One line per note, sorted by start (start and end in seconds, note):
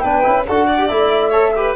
0.00 0.26 B3
0.00 0.23 D4
0.00 0.46 B4
0.00 0.43 G5
0.23 0.49 C#4
0.23 0.45 E4
0.48 0.91 D4
0.48 0.79 F#4
0.48 0.67 A4
0.48 0.88 F#5
0.67 1.30 D5
0.79 0.89 G4
0.88 1.76 A3
0.88 1.33 E4
0.88 1.75 E5
1.30 1.54 A4
1.30 1.52 C#5
1.56 1.76 G4
1.56 1.76 B4